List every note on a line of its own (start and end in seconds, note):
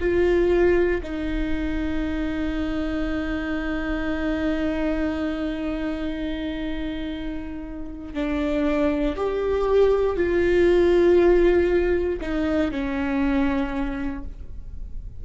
0.00 1.02 F4
1.03 8.14 D#4
8.14 9.16 D4
9.17 10.17 G4
10.17 12.20 F4
12.21 12.72 D#4
12.72 14.24 C#4